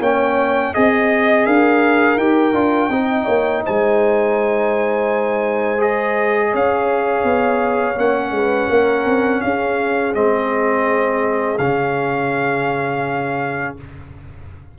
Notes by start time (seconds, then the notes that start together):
0.00 A#3 C#4 C#5 G5
0.74 C4 G#4 D#5
1.46 D4 A#4 F5
2.17 D#4 G4 G5
2.54 D4 F4
2.89 C4 D#4 D#5
3.25 A#3 C#5
3.64 G#3 C5 G#5
5.78 G#4 D#5
6.51 C#4 C#5 F5
7.24 B3
7.97 A#3 C#4 F#5
8.31 G#3 B4
8.70 A#3 A#4
9.06 C4
9.41 C#4 G#4 F5
10.14 G#3 C4 D#5
11.58 C#3 C#4 F5